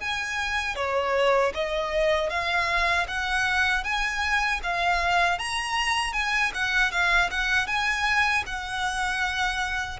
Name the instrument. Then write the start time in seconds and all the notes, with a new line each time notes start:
violin
0.00 G#5
0.75 C#5
1.54 D#5
2.29 F5
3.08 F#5
3.84 G#5
4.63 F5
5.38 A#5
6.13 G#5
6.54 F#5
6.91 F5
7.30 F#5
7.67 G#5
8.46 F#5